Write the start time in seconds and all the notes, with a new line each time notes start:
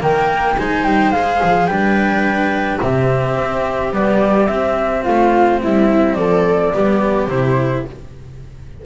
0.00 D#3 A#3 A#4 G5
0.57 G#3 D#4 C5 G#5
0.84 G3 G5
1.12 G#3 G#4 F5
1.43 F3
1.66 G3 D4 B4 G5
2.80 C3 C4 G4 E5
3.36 C4
3.92 G3 B3 D5
4.47 C4 E5
5.04 A3 F4 F5
5.62 G3 E4 E5
6.14 F3 A4 D5
6.73 G3 B3 G4
7.27 C3 E4 C5